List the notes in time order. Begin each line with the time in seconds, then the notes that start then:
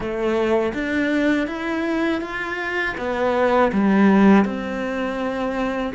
0.00 A3
0.73 D4
1.47 E4
2.21 F4
2.97 B3
3.72 G3
4.44 C4